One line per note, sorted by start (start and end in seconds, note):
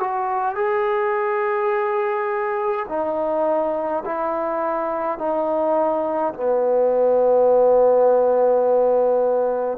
0.00 0.55 F#4
0.55 2.86 G#4
2.88 4.04 D#4
4.05 5.19 E4
5.19 6.34 D#4
6.34 9.78 B3